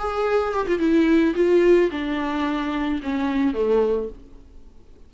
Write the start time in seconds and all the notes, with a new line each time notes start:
0.00 G#4
0.54 G4
0.68 F4
0.80 E4
1.36 F4
1.91 D4
3.03 C#4
3.54 A3